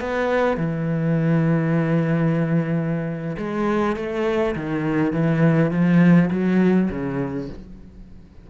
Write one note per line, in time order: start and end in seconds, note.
0.00 0.57 B3
0.57 3.36 E3
3.38 3.96 G#3
3.96 4.55 A3
4.55 5.13 D#3
5.13 5.71 E3
5.71 6.30 F3
6.31 6.89 F#3
6.90 7.49 C#3